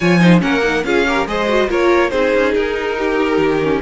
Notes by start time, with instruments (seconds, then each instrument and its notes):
0.00 cello F3, viola F4, violin C#5 G#5
0.19 viola D#4, violin C5
0.39 cello A#3, viola C#4, violin A#4 F#5
0.62 viola D#4
0.83 cello C#4, viola F4, violin G#4 F5
1.07 viola G4, violin A#4
1.26 cello G#3, viola G#4, violin C5 D#5
1.48 viola F#4
1.68 cello A#3, viola F4, violin A#4 C#5
2.10 cello C4, viola D#4, violin G#4 C5
2.34 cello C#4
2.54 cello D#4, violin A#4
2.98 violin G4
3.37 cello D#3
3.62 viola C#4